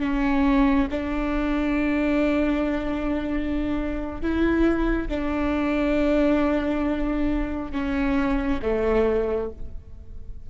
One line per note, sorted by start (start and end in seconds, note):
0.00 0.88 C#4
0.91 4.21 D4
4.21 5.09 E4
5.09 7.72 D4
7.72 8.60 C#4
8.62 9.50 A3